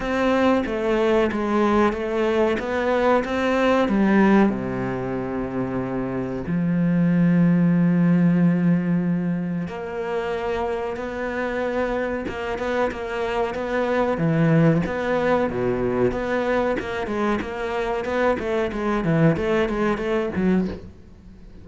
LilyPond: \new Staff \with { instrumentName = "cello" } { \time 4/4 \tempo 4 = 93 c'4 a4 gis4 a4 | b4 c'4 g4 c4~ | c2 f2~ | f2. ais4~ |
ais4 b2 ais8 b8 | ais4 b4 e4 b4 | b,4 b4 ais8 gis8 ais4 | b8 a8 gis8 e8 a8 gis8 a8 fis8 | }